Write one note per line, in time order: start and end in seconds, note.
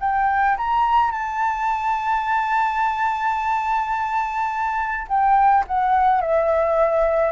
0.00 0.57 G5
0.57 1.11 A#5
1.11 5.07 A5
5.08 5.64 G5
5.67 6.21 F#5
6.21 7.32 E5